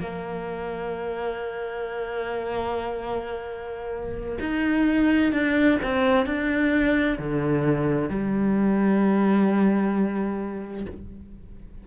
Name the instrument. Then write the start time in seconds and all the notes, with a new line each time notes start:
cello
0.00 A#3
4.40 D#4
5.32 D4
5.83 C4
6.26 D4
7.19 D3
8.09 G3